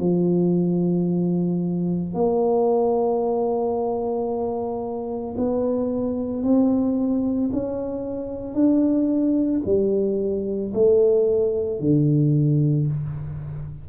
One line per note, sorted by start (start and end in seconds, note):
0.00 2.14 F3
2.15 5.36 A#3
5.38 6.43 B3
6.43 7.50 C4
7.53 8.54 C#4
8.54 9.61 D4
9.66 10.73 G3
10.74 11.80 A3
11.80 12.87 D3